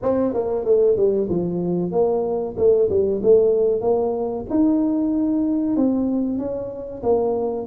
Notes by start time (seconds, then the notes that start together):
0.02 C4
0.33 A#3
0.64 A3
0.96 G3
1.29 F3
1.91 A#3
2.57 A3
2.89 G3
3.22 A3
3.81 A#3
4.49 D#4
5.76 C4
6.38 C#4
7.02 A#3